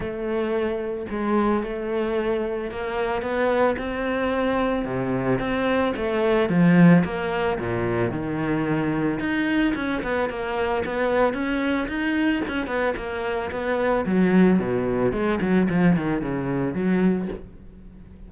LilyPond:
\new Staff \with { instrumentName = "cello" } { \time 4/4 \tempo 4 = 111 a2 gis4 a4~ | a4 ais4 b4 c'4~ | c'4 c4 c'4 a4 | f4 ais4 ais,4 dis4~ |
dis4 dis'4 cis'8 b8 ais4 | b4 cis'4 dis'4 cis'8 b8 | ais4 b4 fis4 b,4 | gis8 fis8 f8 dis8 cis4 fis4 | }